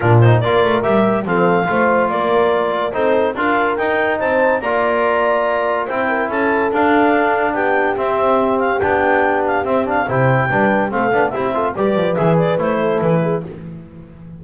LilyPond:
<<
  \new Staff \with { instrumentName = "clarinet" } { \time 4/4 \tempo 4 = 143 ais'8 c''8 d''4 e''4 f''4~ | f''4 d''2 c''4 | f''4 g''4 a''4 ais''4~ | ais''2 g''4 a''4 |
f''2 g''4 e''4~ | e''8 f''8 g''4. f''8 e''8 f''8 | g''2 f''4 e''4 | d''4 e''8 d''8 c''4 b'4 | }
  \new Staff \with { instrumentName = "horn" } { \time 4/4 f'4 ais'2 a'4 | c''4 ais'2 a'4 | ais'2 c''4 d''4~ | d''2 c''8 ais'8 a'4~ |
a'2 g'2~ | g'1 | c''4 b'4 a'4 g'8 a'8 | b'2~ b'8 a'4 gis'8 | }
  \new Staff \with { instrumentName = "trombone" } { \time 4/4 d'8 dis'8 f'4 g'4 c'4 | f'2. dis'4 | f'4 dis'2 f'4~ | f'2 e'2 |
d'2. c'4~ | c'4 d'2 c'8 d'8 | e'4 d'4 c'8 d'8 e'8 f'8 | g'4 gis'4 e'2 | }
  \new Staff \with { instrumentName = "double bass" } { \time 4/4 ais,4 ais8 a8 g4 f4 | a4 ais2 c'4 | d'4 dis'4 c'4 ais4~ | ais2 c'4 cis'4 |
d'2 b4 c'4~ | c'4 b2 c'4 | c4 g4 a8 b8 c'4 | g8 f8 e4 a4 e4 | }
>>